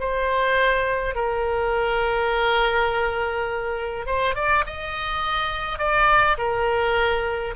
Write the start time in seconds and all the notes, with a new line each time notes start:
0.00 C5
1.15 A#4
4.06 C5
4.35 D5
4.67 D#5
5.79 D5
6.38 A#4